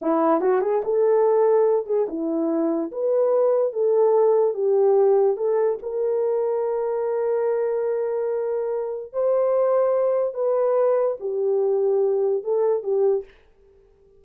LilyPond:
\new Staff \with { instrumentName = "horn" } { \time 4/4 \tempo 4 = 145 e'4 fis'8 gis'8 a'2~ | a'8 gis'8 e'2 b'4~ | b'4 a'2 g'4~ | g'4 a'4 ais'2~ |
ais'1~ | ais'2 c''2~ | c''4 b'2 g'4~ | g'2 a'4 g'4 | }